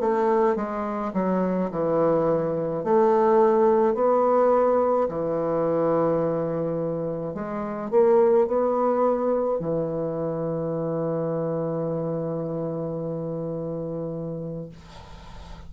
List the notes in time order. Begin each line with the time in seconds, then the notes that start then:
0.00 A3
0.56 G#3
1.13 F#3
1.71 E3
2.84 A3
3.94 B3
5.08 E3
7.34 G#3
7.90 A#3
8.46 B3
9.59 E3